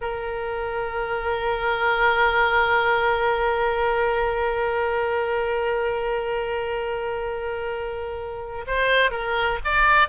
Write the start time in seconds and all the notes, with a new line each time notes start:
0.01 A#4
8.66 C5
9.10 A#4
9.64 D5